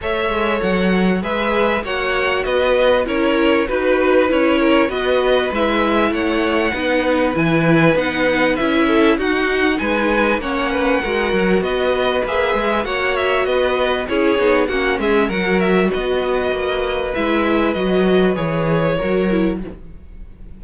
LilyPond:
<<
  \new Staff \with { instrumentName = "violin" } { \time 4/4 \tempo 4 = 98 e''4 fis''4 e''4 fis''4 | dis''4 cis''4 b'4 cis''4 | dis''4 e''4 fis''2 | gis''4 fis''4 e''4 fis''4 |
gis''4 fis''2 dis''4 | e''4 fis''8 e''8 dis''4 cis''4 | fis''8 e''8 fis''8 e''8 dis''2 | e''4 dis''4 cis''2 | }
  \new Staff \with { instrumentName = "violin" } { \time 4/4 cis''2 b'4 cis''4 | b'4 ais'4 b'4. ais'8 | b'2 cis''4 b'4~ | b'2~ b'8 a'8 fis'4 |
b'4 cis''8 b'8 ais'4 b'4~ | b'4 cis''4 b'4 gis'4 | fis'8 gis'8 ais'4 b'2~ | b'2. ais'4 | }
  \new Staff \with { instrumentName = "viola" } { \time 4/4 a'2 gis'4 fis'4~ | fis'4 e'4 fis'4 e'4 | fis'4 e'2 dis'4 | e'4 dis'4 e'4 dis'4~ |
dis'4 cis'4 fis'2 | gis'4 fis'2 e'8 dis'8 | cis'4 fis'2. | e'4 fis'4 gis'4 fis'8 e'8 | }
  \new Staff \with { instrumentName = "cello" } { \time 4/4 a8 gis8 fis4 gis4 ais4 | b4 cis'4 dis'4 cis'4 | b4 gis4 a4 b4 | e4 b4 cis'4 dis'4 |
gis4 ais4 gis8 fis8 b4 | ais8 gis8 ais4 b4 cis'8 b8 | ais8 gis8 fis4 b4 ais4 | gis4 fis4 e4 fis4 | }
>>